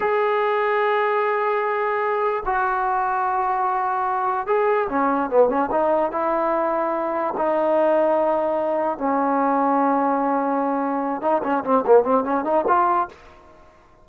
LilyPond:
\new Staff \with { instrumentName = "trombone" } { \time 4/4 \tempo 4 = 147 gis'1~ | gis'2 fis'2~ | fis'2. gis'4 | cis'4 b8 cis'8 dis'4 e'4~ |
e'2 dis'2~ | dis'2 cis'2~ | cis'2.~ cis'8 dis'8 | cis'8 c'8 ais8 c'8 cis'8 dis'8 f'4 | }